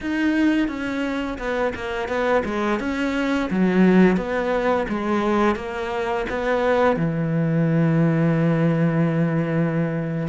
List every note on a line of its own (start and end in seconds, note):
0.00 0.68 D#4
0.68 1.38 C#4
1.38 1.73 B3
1.75 2.08 A#3
2.08 2.43 B3
2.44 2.79 G#3
2.79 3.49 C#4
3.50 4.16 F#3
4.16 4.86 B3
4.88 5.55 G#3
5.55 6.25 A#3
6.29 6.96 B3
6.96 10.27 E3